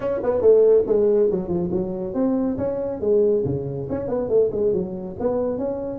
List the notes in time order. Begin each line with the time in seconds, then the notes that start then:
0.00 C#4
0.23 B3
0.41 A3
0.86 G#3
1.30 F#3
1.48 F3
1.71 F#3
2.14 C4
2.57 C#4
3.00 G#3
3.45 C#3
3.89 C#4
4.08 B3
4.28 A3
4.51 G#3
4.73 F#3
5.19 B3
5.57 C#4